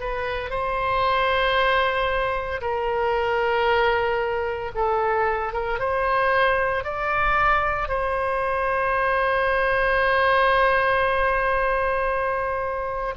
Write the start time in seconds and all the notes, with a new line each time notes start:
0.00 B4
0.50 C5
2.61 A#4
4.75 A4
5.53 A#4
5.79 C5
6.84 D5
7.89 C5